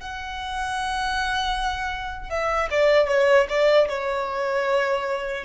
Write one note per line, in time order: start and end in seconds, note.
0.00 2.30 F#5
2.30 2.69 E5
2.71 3.08 D5
3.08 3.47 C#5
3.49 3.88 D5
3.89 5.44 C#5